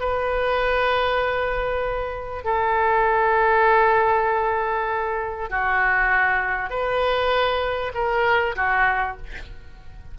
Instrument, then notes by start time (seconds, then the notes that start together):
oboe
0.00 B4
2.44 A4
5.50 F#4
6.70 B4
7.94 A#4
8.56 F#4